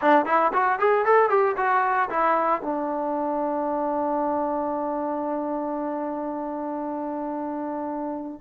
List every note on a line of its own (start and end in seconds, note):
0.01 0.25 D4
0.25 0.52 E4
0.53 0.79 F#4
0.79 1.05 G#4
1.05 1.29 A4
1.29 1.56 G4
1.56 2.09 F#4
2.10 2.62 E4
2.62 8.41 D4